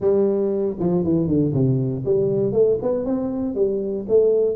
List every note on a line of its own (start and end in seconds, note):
0.00 0.77 G3
0.79 1.04 F3
1.04 1.27 E3
1.27 1.52 D3
1.53 2.04 C3
2.05 2.52 G3
2.52 2.77 A3
2.82 3.05 B3
3.05 3.55 C4
3.55 4.05 G3
4.08 4.55 A3